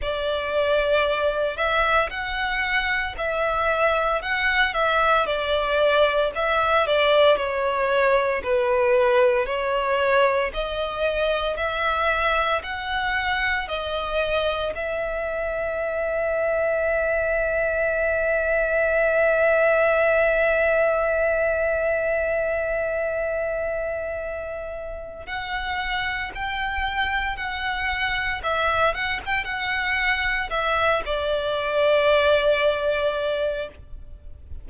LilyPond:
\new Staff \with { instrumentName = "violin" } { \time 4/4 \tempo 4 = 57 d''4. e''8 fis''4 e''4 | fis''8 e''8 d''4 e''8 d''8 cis''4 | b'4 cis''4 dis''4 e''4 | fis''4 dis''4 e''2~ |
e''1~ | e''1 | fis''4 g''4 fis''4 e''8 fis''16 g''16 | fis''4 e''8 d''2~ d''8 | }